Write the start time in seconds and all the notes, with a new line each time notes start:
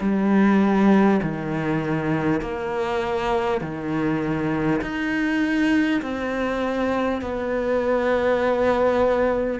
0.00 G3
1.22 D#3
2.41 A#3
3.61 D#3
4.81 D#4
6.02 C4
7.21 B3